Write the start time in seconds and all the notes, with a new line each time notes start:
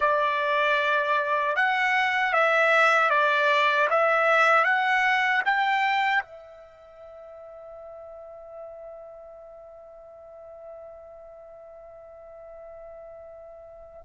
0.00 D5
1.56 F#5
2.33 E5
3.10 D5
3.90 E5
4.64 F#5
5.45 G5
6.22 E5